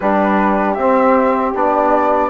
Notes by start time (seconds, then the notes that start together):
0.00 G3 D4 G4 B4
0.73 C4 E5
1.54 B3 D4 D5